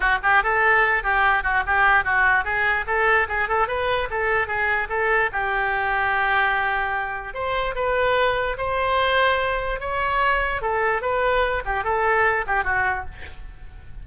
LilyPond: \new Staff \with { instrumentName = "oboe" } { \time 4/4 \tempo 4 = 147 fis'8 g'8 a'4. g'4 fis'8 | g'4 fis'4 gis'4 a'4 | gis'8 a'8 b'4 a'4 gis'4 | a'4 g'2.~ |
g'2 c''4 b'4~ | b'4 c''2. | cis''2 a'4 b'4~ | b'8 g'8 a'4. g'8 fis'4 | }